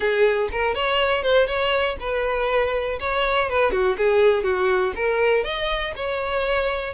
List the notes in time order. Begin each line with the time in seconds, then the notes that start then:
0.00 G#4
0.51 A#4
0.74 C#5
1.23 C5
1.47 C#5
2.00 B4
3.00 C#5
3.49 B4
3.71 F#4
3.97 G#4
4.43 F#4
4.95 A#4
5.43 D#5
5.95 C#5